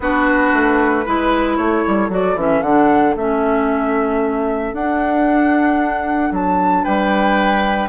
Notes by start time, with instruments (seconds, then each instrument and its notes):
0.00 bassoon B3, clarinet D4, oboe F#4, flute B4
0.53 bassoon A3
1.05 bassoon G#3, clarinet E4, oboe B4
1.56 bassoon A3, oboe A4, flute C#5
1.87 bassoon G3
2.09 bassoon F#3, clarinet F#4, flute D5
2.35 bassoon E3, clarinet C#4, flute E5
2.62 bassoon D3, clarinet D4, flute F#5
3.16 bassoon A3, clarinet C#4, flute E5
4.72 bassoon D4, clarinet D4, flute F#5
6.31 bassoon F#3, flute A5
6.83 bassoon G3, oboe B4, flute G5